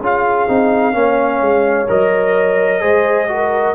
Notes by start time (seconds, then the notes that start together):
0.00 C#4 F4 G#4 F5
0.47 C4 D#4
0.92 A#3 C#4 C#5
1.40 G#3
1.88 F#3 A#4 D#5
2.80 G#3 G#4 C5
3.28 F#4 A#4